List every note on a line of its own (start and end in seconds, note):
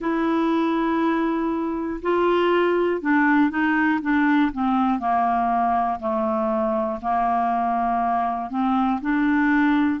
0.00 2.00 E4
2.01 3.00 F4
3.00 3.50 D4
3.50 4.00 D#4
4.01 4.51 D4
4.52 4.99 C4
4.99 5.99 A#3
6.00 7.00 A3
7.01 8.50 A#3
8.50 9.00 C4
9.00 10.00 D4